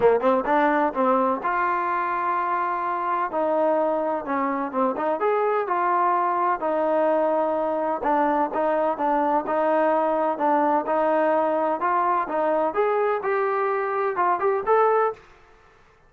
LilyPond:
\new Staff \with { instrumentName = "trombone" } { \time 4/4 \tempo 4 = 127 ais8 c'8 d'4 c'4 f'4~ | f'2. dis'4~ | dis'4 cis'4 c'8 dis'8 gis'4 | f'2 dis'2~ |
dis'4 d'4 dis'4 d'4 | dis'2 d'4 dis'4~ | dis'4 f'4 dis'4 gis'4 | g'2 f'8 g'8 a'4 | }